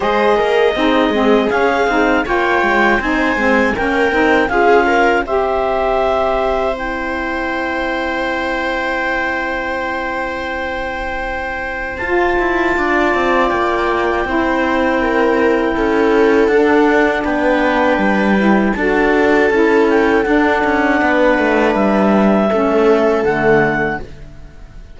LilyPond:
<<
  \new Staff \with { instrumentName = "clarinet" } { \time 4/4 \tempo 4 = 80 dis''2 f''4 g''4 | gis''4 g''4 f''4 e''4~ | e''4 g''2.~ | g''1 |
a''2 g''2~ | g''2 fis''4 g''4~ | g''4 a''4. g''8 fis''4~ | fis''4 e''2 fis''4 | }
  \new Staff \with { instrumentName = "viola" } { \time 4/4 c''8 ais'8 gis'2 cis''4 | c''4 ais'4 gis'8 ais'8 c''4~ | c''1~ | c''1~ |
c''4 d''2 c''4 | ais'4 a'2 b'4~ | b'4 a'2. | b'2 a'2 | }
  \new Staff \with { instrumentName = "saxophone" } { \time 4/4 gis'4 dis'8 c'8 cis'8 dis'8 f'4 | dis'8 c'8 cis'8 dis'8 f'4 g'4~ | g'4 e'2.~ | e'1 |
f'2. e'4~ | e'2 d'2~ | d'8 e'8 fis'4 e'4 d'4~ | d'2 cis'4 a4 | }
  \new Staff \with { instrumentName = "cello" } { \time 4/4 gis8 ais8 c'8 gis8 cis'8 c'8 ais8 gis8 | c'8 gis8 ais8 c'8 cis'4 c'4~ | c'1~ | c'1 |
f'8 e'8 d'8 c'8 ais4 c'4~ | c'4 cis'4 d'4 b4 | g4 d'4 cis'4 d'8 cis'8 | b8 a8 g4 a4 d4 | }
>>